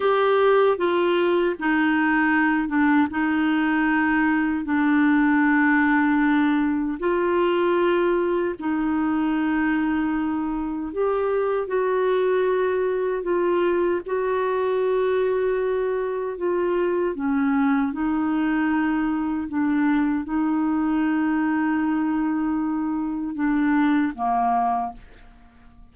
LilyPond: \new Staff \with { instrumentName = "clarinet" } { \time 4/4 \tempo 4 = 77 g'4 f'4 dis'4. d'8 | dis'2 d'2~ | d'4 f'2 dis'4~ | dis'2 g'4 fis'4~ |
fis'4 f'4 fis'2~ | fis'4 f'4 cis'4 dis'4~ | dis'4 d'4 dis'2~ | dis'2 d'4 ais4 | }